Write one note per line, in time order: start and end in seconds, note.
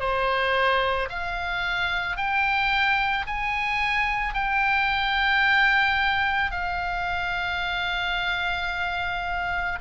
0.00 1.09 C5
1.10 2.17 F5
2.17 3.26 G5
3.27 4.34 G#5
4.34 6.52 G5
6.52 9.79 F5